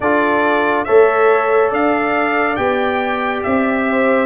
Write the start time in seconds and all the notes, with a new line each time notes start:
0.00 D4 F4 A4 D5
0.84 A3 A4 C#5 E5
1.70 D4 D5 F5
2.56 B3 G4 G5
3.43 C4 E5
3.89 C5